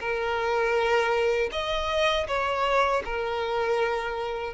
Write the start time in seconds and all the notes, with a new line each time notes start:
0.00 A#4
1.52 D#5
2.28 C#5
3.05 A#4